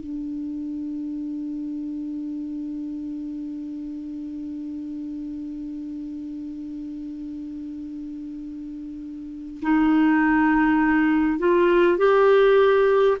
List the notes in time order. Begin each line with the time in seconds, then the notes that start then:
0.00 D4
9.61 D#4
11.38 F4
11.97 G4